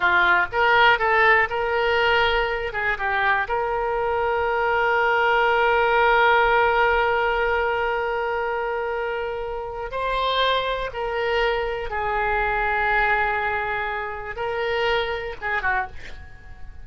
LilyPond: \new Staff \with { instrumentName = "oboe" } { \time 4/4 \tempo 4 = 121 f'4 ais'4 a'4 ais'4~ | ais'4. gis'8 g'4 ais'4~ | ais'1~ | ais'1~ |
ais'1 | c''2 ais'2 | gis'1~ | gis'4 ais'2 gis'8 fis'8 | }